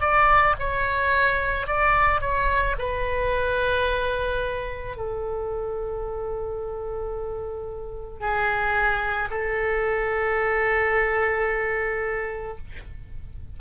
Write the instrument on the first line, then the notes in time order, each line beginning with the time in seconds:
oboe
0.00 D5
0.59 C#5
1.67 D5
2.21 C#5
2.78 B4
4.96 A4
8.20 G#4
9.30 A4